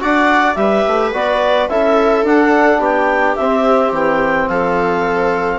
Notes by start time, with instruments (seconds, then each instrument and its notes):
0.00 bassoon D4, trombone F#4, viola D5, clarinet F#5
0.55 bassoon G3, trombone G4, viola B4, clarinet E5
0.87 bassoon A3
1.13 bassoon B3, trombone F#4, clarinet D5
1.69 bassoon C#4, trombone E4, viola A4, clarinet E5
2.23 bassoon D4, trombone D4, clarinet F#5
2.79 bassoon B3, viola G4, clarinet G5
3.36 bassoon C4, trombone C4, clarinet E5
3.92 bassoon E3, clarinet G5
4.48 bassoon F3, viola A4, clarinet F5